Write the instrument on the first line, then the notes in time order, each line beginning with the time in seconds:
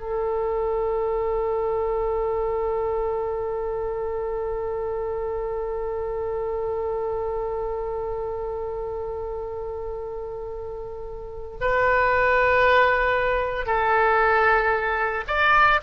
oboe
0.00 A4
11.61 B4
13.67 A4
15.28 D5